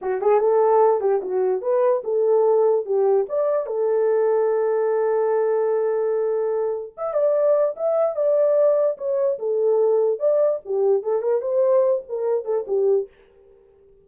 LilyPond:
\new Staff \with { instrumentName = "horn" } { \time 4/4 \tempo 4 = 147 fis'8 gis'8 a'4. g'8 fis'4 | b'4 a'2 g'4 | d''4 a'2.~ | a'1~ |
a'4 e''8 d''4. e''4 | d''2 cis''4 a'4~ | a'4 d''4 g'4 a'8 ais'8 | c''4. ais'4 a'8 g'4 | }